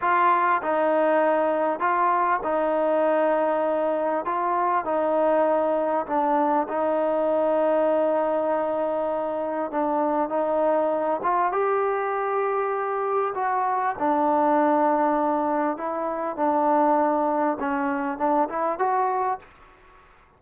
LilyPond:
\new Staff \with { instrumentName = "trombone" } { \time 4/4 \tempo 4 = 99 f'4 dis'2 f'4 | dis'2. f'4 | dis'2 d'4 dis'4~ | dis'1 |
d'4 dis'4. f'8 g'4~ | g'2 fis'4 d'4~ | d'2 e'4 d'4~ | d'4 cis'4 d'8 e'8 fis'4 | }